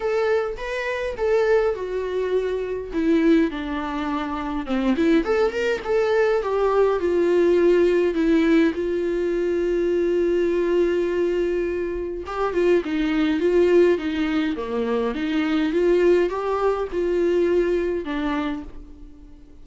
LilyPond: \new Staff \with { instrumentName = "viola" } { \time 4/4 \tempo 4 = 103 a'4 b'4 a'4 fis'4~ | fis'4 e'4 d'2 | c'8 e'8 a'8 ais'8 a'4 g'4 | f'2 e'4 f'4~ |
f'1~ | f'4 g'8 f'8 dis'4 f'4 | dis'4 ais4 dis'4 f'4 | g'4 f'2 d'4 | }